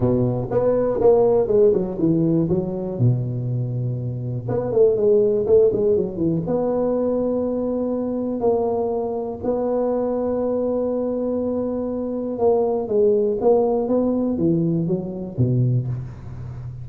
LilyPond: \new Staff \with { instrumentName = "tuba" } { \time 4/4 \tempo 4 = 121 b,4 b4 ais4 gis8 fis8 | e4 fis4 b,2~ | b,4 b8 a8 gis4 a8 gis8 | fis8 e8 b2.~ |
b4 ais2 b4~ | b1~ | b4 ais4 gis4 ais4 | b4 e4 fis4 b,4 | }